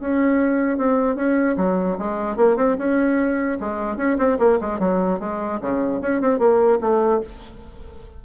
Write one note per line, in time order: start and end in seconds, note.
0.00 0.78 C#4
0.78 1.16 C4
1.16 1.56 C#4
1.57 1.97 F#3
1.99 2.37 G#3
2.37 2.57 A#3
2.57 2.77 C4
2.78 3.59 C#4
3.60 3.97 G#3
3.97 4.17 C#4
4.18 4.38 C4
4.39 4.59 A#3
4.61 4.79 G#3
4.79 5.20 F#3
5.20 5.60 G#3
5.61 6.01 C#3
6.01 6.21 C#4
6.21 6.39 C4
6.39 6.79 A#3
6.81 7.21 A3